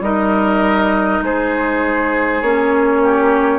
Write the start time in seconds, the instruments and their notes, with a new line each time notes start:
0.00 bassoon G3, clarinet D#4, oboe A#4, flute D#5
1.22 bassoon G#3, oboe G#4, flute C5
2.42 bassoon A#3, clarinet C#4, flute C#5
3.03 oboe G4